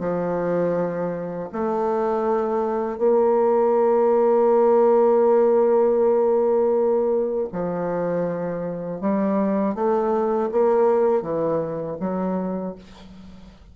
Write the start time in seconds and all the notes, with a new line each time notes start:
0.00 F3
1.52 A3
2.98 A#3
7.53 F3
9.01 G3
9.75 A3
10.52 A#3
11.22 E3
12.00 F#3